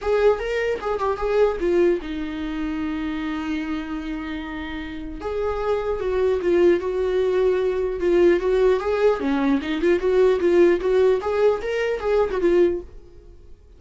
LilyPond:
\new Staff \with { instrumentName = "viola" } { \time 4/4 \tempo 4 = 150 gis'4 ais'4 gis'8 g'8 gis'4 | f'4 dis'2.~ | dis'1~ | dis'4 gis'2 fis'4 |
f'4 fis'2. | f'4 fis'4 gis'4 cis'4 | dis'8 f'8 fis'4 f'4 fis'4 | gis'4 ais'4 gis'8. fis'16 f'4 | }